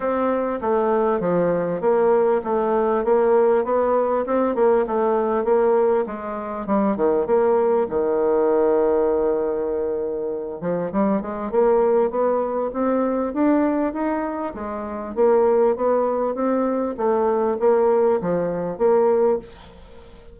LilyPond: \new Staff \with { instrumentName = "bassoon" } { \time 4/4 \tempo 4 = 99 c'4 a4 f4 ais4 | a4 ais4 b4 c'8 ais8 | a4 ais4 gis4 g8 dis8 | ais4 dis2.~ |
dis4. f8 g8 gis8 ais4 | b4 c'4 d'4 dis'4 | gis4 ais4 b4 c'4 | a4 ais4 f4 ais4 | }